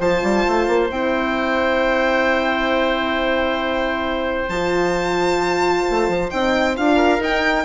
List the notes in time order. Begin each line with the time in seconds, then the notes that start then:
0.00 F3 F4 C5 A5
0.23 G3
0.48 A3
0.68 A#3
0.91 C4 E4 G5
4.49 F3 F4 A5
5.91 A3
6.09 F3
6.31 C4 D#4 G5
6.77 D4 F4 F5
6.96 A#4
7.19 D#4 G5